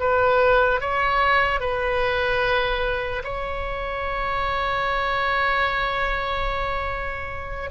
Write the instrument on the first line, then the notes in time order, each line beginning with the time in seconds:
oboe
0.00 B4
0.81 C#5
1.60 B4
3.24 C#5